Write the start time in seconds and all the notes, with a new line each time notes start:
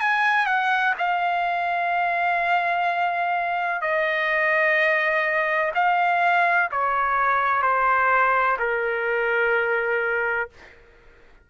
0.00 G#5
0.46 F#5
0.98 F5
3.81 D#5
5.74 F5
6.71 C#5
7.62 C5
8.59 A#4